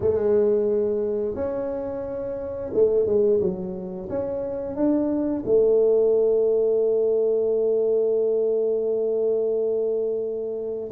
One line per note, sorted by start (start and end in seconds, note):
0.00 1.35 G#3
1.35 2.71 C#4
2.73 3.06 A3
3.06 3.40 G#3
3.40 4.08 F#3
4.09 4.75 C#4
4.75 5.43 D4
5.45 10.91 A3